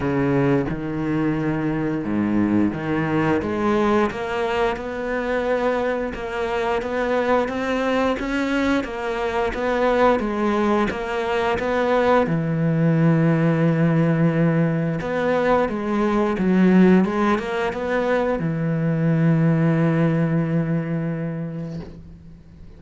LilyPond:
\new Staff \with { instrumentName = "cello" } { \time 4/4 \tempo 4 = 88 cis4 dis2 gis,4 | dis4 gis4 ais4 b4~ | b4 ais4 b4 c'4 | cis'4 ais4 b4 gis4 |
ais4 b4 e2~ | e2 b4 gis4 | fis4 gis8 ais8 b4 e4~ | e1 | }